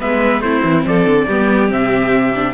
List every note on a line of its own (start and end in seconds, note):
0.00 0.41 G#3
0.00 0.43 B3
0.00 0.44 B4
0.00 0.42 E5
0.41 0.62 A3
0.41 1.29 C4
0.41 0.87 E4
0.41 0.84 C5
0.64 0.86 E3
0.86 1.06 F3
0.86 1.28 A4
0.86 1.73 D5
1.06 1.27 D3
1.28 1.72 G3
1.28 1.69 B3
1.28 2.55 G4
1.69 2.55 C3
1.69 2.32 C4
1.69 2.55 E5
2.36 2.55 D4